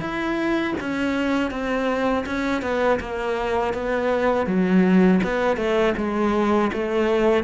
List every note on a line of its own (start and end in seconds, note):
0.00 0.74 E4
0.80 1.51 C#4
1.51 2.25 C4
2.26 2.62 C#4
2.62 2.99 B3
3.00 3.74 A#3
3.74 4.46 B3
4.46 5.21 F#3
5.24 5.57 B3
5.57 5.94 A3
5.97 6.71 G#3
6.73 7.44 A3